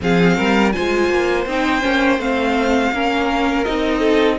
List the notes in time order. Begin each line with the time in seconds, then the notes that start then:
0.01 F3 C4 G#4 F5
0.36 G3 A#4
0.72 G#3 F4 C5 G#5
1.09 A#3
1.46 C4 D#4 G5
1.81 A#3 C#4
2.18 A3 C4 F5
2.92 A#3 C#4 A#4
3.64 C4 D#4 D#5
3.99 A4